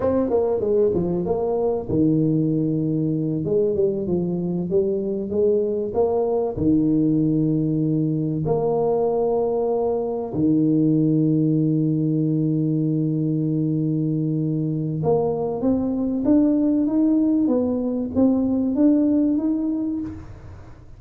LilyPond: \new Staff \with { instrumentName = "tuba" } { \time 4/4 \tempo 4 = 96 c'8 ais8 gis8 f8 ais4 dis4~ | dis4. gis8 g8 f4 g8~ | g8 gis4 ais4 dis4.~ | dis4. ais2~ ais8~ |
ais8 dis2.~ dis8~ | dis1 | ais4 c'4 d'4 dis'4 | b4 c'4 d'4 dis'4 | }